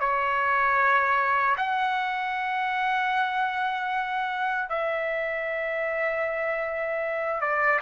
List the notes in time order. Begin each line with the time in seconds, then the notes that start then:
0.00 C#5
1.57 F#5
4.69 E5
7.41 D5